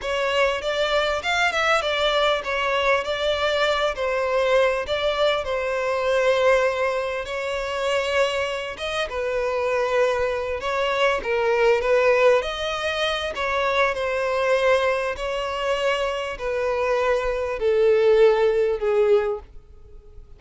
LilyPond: \new Staff \with { instrumentName = "violin" } { \time 4/4 \tempo 4 = 99 cis''4 d''4 f''8 e''8 d''4 | cis''4 d''4. c''4. | d''4 c''2. | cis''2~ cis''8 dis''8 b'4~ |
b'4. cis''4 ais'4 b'8~ | b'8 dis''4. cis''4 c''4~ | c''4 cis''2 b'4~ | b'4 a'2 gis'4 | }